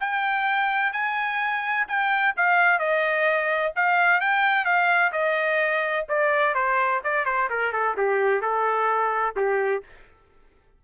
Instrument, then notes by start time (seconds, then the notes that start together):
trumpet
0.00 G5
0.92 G#5
1.87 G5
2.36 F5
2.79 D#5
3.76 F5
4.20 G5
4.65 F5
5.12 D#5
6.08 D5
6.54 C5
7.04 D5
7.25 C5
7.50 A#4
7.72 A4
7.97 G4
8.41 A4
9.36 G4